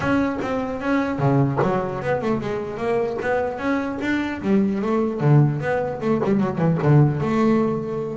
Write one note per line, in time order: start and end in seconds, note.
0.00 0.38 C#4
0.41 0.81 C4
0.81 1.18 C#4
1.18 1.58 C#3
1.62 2.01 F#3
2.01 2.21 B3
2.21 2.41 A3
2.41 2.77 G#3
2.77 3.17 A#3
3.21 3.58 B3
3.58 3.98 C#4
4.01 4.41 D4
4.41 4.81 G3
4.81 5.20 A3
5.20 5.60 D3
5.60 6.00 B3
6.01 6.21 A3
6.24 6.39 G3
6.39 6.58 F#3
6.58 6.78 E3
6.82 7.20 D3
7.20 8.17 A3